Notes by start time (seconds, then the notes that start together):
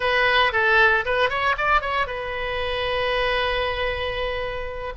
0.00 B4
0.52 A4
1.05 B4
1.29 C#5
1.57 D5
1.81 C#5
2.06 B4